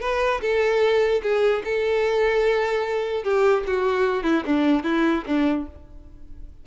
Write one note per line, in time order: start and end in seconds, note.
0.00 0.40 B4
0.41 1.21 A4
1.22 1.63 G#4
1.64 3.23 A4
3.23 3.63 G4
3.67 4.23 F#4
4.23 4.43 E4
4.45 4.83 D4
4.83 5.24 E4
5.26 5.66 D4